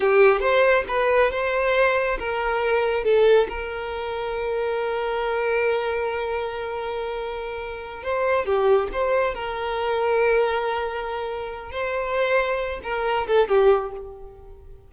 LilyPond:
\new Staff \with { instrumentName = "violin" } { \time 4/4 \tempo 4 = 138 g'4 c''4 b'4 c''4~ | c''4 ais'2 a'4 | ais'1~ | ais'1~ |
ais'2~ ais'8 c''4 g'8~ | g'8 c''4 ais'2~ ais'8~ | ais'2. c''4~ | c''4. ais'4 a'8 g'4 | }